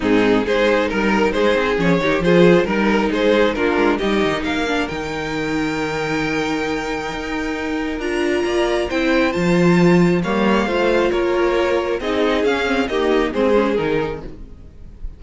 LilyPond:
<<
  \new Staff \with { instrumentName = "violin" } { \time 4/4 \tempo 4 = 135 gis'4 c''4 ais'4 c''4 | cis''4 c''4 ais'4 c''4 | ais'4 dis''4 f''4 g''4~ | g''1~ |
g''2 ais''2 | g''4 a''2 f''4~ | f''4 cis''2 dis''4 | f''4 dis''4 c''4 ais'4 | }
  \new Staff \with { instrumentName = "violin" } { \time 4/4 dis'4 gis'4 ais'4 gis'4~ | gis'8 g'8 gis'4 ais'4 gis'4 | f'4 g'4 ais'2~ | ais'1~ |
ais'2. d''4 | c''2. cis''4 | c''4 ais'2 gis'4~ | gis'4 g'4 gis'2 | }
  \new Staff \with { instrumentName = "viola" } { \time 4/4 c'4 dis'2. | cis'8 dis'8 f'4 dis'2 | d'4 dis'4. d'8 dis'4~ | dis'1~ |
dis'2 f'2 | e'4 f'2 ais4 | f'2. dis'4 | cis'8 c'8 ais4 c'8 cis'8 dis'4 | }
  \new Staff \with { instrumentName = "cello" } { \time 4/4 gis,4 gis4 g4 gis8 c'8 | f8 dis8 f4 g4 gis4 | ais8 gis8 g8 dis8 ais4 dis4~ | dis1 |
dis'2 d'4 ais4 | c'4 f2 g4 | a4 ais2 c'4 | cis'4 dis'4 gis4 dis4 | }
>>